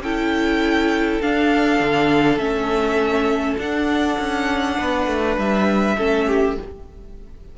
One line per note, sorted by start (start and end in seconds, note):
0.00 1.19 C#4
0.00 1.21 E4
0.00 4.78 A4
0.00 1.21 G5
1.21 2.38 D4
1.21 1.80 D4
1.21 2.38 F5
1.80 2.37 D3
2.37 3.56 A3
2.37 3.57 C#4
2.37 3.57 E5
3.57 4.17 D4
3.57 5.96 D4
3.57 5.38 F#5
4.18 4.78 C#4
4.78 5.07 B3
4.78 5.96 B4
5.07 5.37 A3
5.37 5.96 G3
5.37 6.58 E5
5.97 6.57 A3
5.97 6.57 C#4
5.97 6.26 A4
6.26 6.56 G4